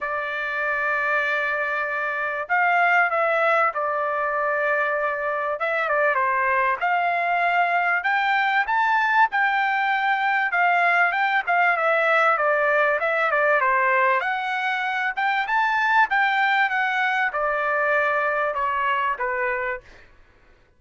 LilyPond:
\new Staff \with { instrumentName = "trumpet" } { \time 4/4 \tempo 4 = 97 d''1 | f''4 e''4 d''2~ | d''4 e''8 d''8 c''4 f''4~ | f''4 g''4 a''4 g''4~ |
g''4 f''4 g''8 f''8 e''4 | d''4 e''8 d''8 c''4 fis''4~ | fis''8 g''8 a''4 g''4 fis''4 | d''2 cis''4 b'4 | }